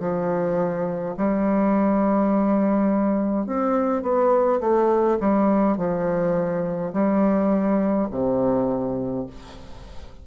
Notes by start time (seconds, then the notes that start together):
0.00 F3
1.17 G3
3.47 C4
4.03 B3
4.61 A3
5.20 G3
5.77 F3
6.93 G3
8.11 C3